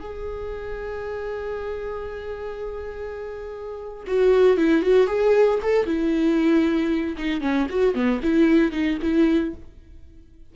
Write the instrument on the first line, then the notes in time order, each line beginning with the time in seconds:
viola
0.00 G#4
4.07 F#4
4.57 E4
4.83 F#4
5.08 G#4
5.63 A4
5.86 E4
7.18 D#4
7.41 C#4
7.70 F#4
7.95 B3
8.23 E4
8.72 D#4
9.03 E4